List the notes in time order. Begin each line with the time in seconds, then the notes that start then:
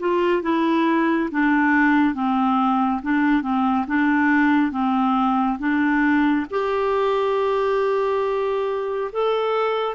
0.00 F4
0.43 E4
1.32 D4
2.15 C4
3.03 D4
3.42 C4
3.88 D4
4.72 C4
5.59 D4
6.51 G4
9.13 A4